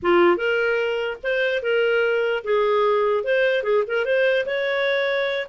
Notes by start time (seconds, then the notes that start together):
0.02 F4
0.36 A#4
1.23 C5
1.62 A#4
2.44 G#4
3.24 C5
3.63 G#4
3.87 A#4
4.05 C5
4.46 C#5